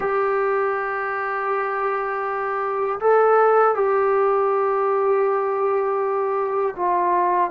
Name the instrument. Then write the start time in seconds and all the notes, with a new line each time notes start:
trombone
0.00 G4
3.00 A4
3.75 G4
6.76 F4